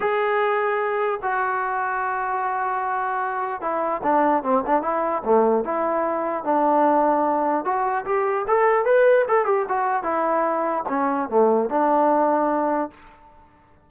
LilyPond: \new Staff \with { instrumentName = "trombone" } { \time 4/4 \tempo 4 = 149 gis'2. fis'4~ | fis'1~ | fis'4 e'4 d'4 c'8 d'8 | e'4 a4 e'2 |
d'2. fis'4 | g'4 a'4 b'4 a'8 g'8 | fis'4 e'2 cis'4 | a4 d'2. | }